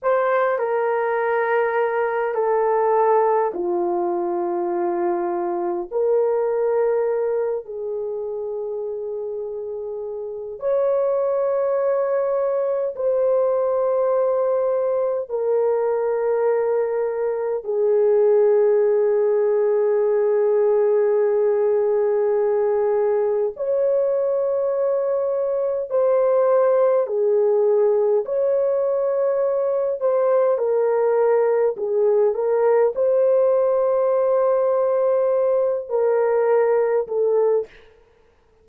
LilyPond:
\new Staff \with { instrumentName = "horn" } { \time 4/4 \tempo 4 = 51 c''8 ais'4. a'4 f'4~ | f'4 ais'4. gis'4.~ | gis'4 cis''2 c''4~ | c''4 ais'2 gis'4~ |
gis'1 | cis''2 c''4 gis'4 | cis''4. c''8 ais'4 gis'8 ais'8 | c''2~ c''8 ais'4 a'8 | }